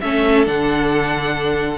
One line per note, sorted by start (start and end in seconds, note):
0.00 0.47 A3
0.00 0.45 C#4
0.00 1.78 A4
0.00 0.44 E5
0.45 1.78 D3
0.45 1.78 D4
0.45 1.78 F#5